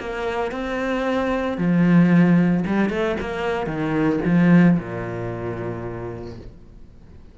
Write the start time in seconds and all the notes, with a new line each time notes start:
0.00 A#3
0.52 C4
1.58 F3
2.67 G3
2.90 A3
3.20 A#3
3.67 D#3
4.25 F3
4.79 A#2